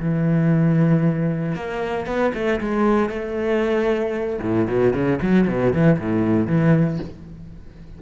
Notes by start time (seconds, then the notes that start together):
0.00 E3
1.55 A#3
2.07 B3
2.34 A3
2.61 G#3
3.09 A3
4.42 A2
4.68 B2
4.93 C#3
5.22 F#3
5.48 B2
5.73 E3
5.99 A2
6.47 E3